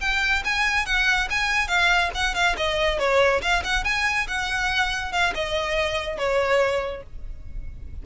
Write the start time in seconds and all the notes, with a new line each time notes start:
0.00 G5
0.44 G#5
0.85 F#5
1.30 G#5
1.67 F5
2.14 F#5
2.34 F5
2.57 D#5
2.99 C#5
3.41 F5
3.63 F#5
3.84 G#5
4.27 F#5
5.12 F5
5.34 D#5
6.17 C#5